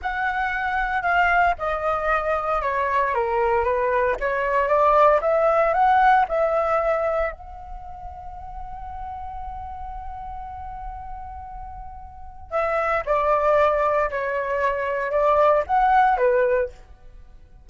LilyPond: \new Staff \with { instrumentName = "flute" } { \time 4/4 \tempo 4 = 115 fis''2 f''4 dis''4~ | dis''4 cis''4 ais'4 b'4 | cis''4 d''4 e''4 fis''4 | e''2 fis''2~ |
fis''1~ | fis''1 | e''4 d''2 cis''4~ | cis''4 d''4 fis''4 b'4 | }